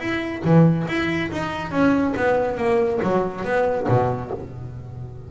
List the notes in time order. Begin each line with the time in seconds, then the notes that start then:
0.00 E4
0.45 E3
0.88 E4
1.31 D#4
1.71 C#4
2.17 B3
2.58 A#3
3.03 F#3
3.45 B3
3.88 B2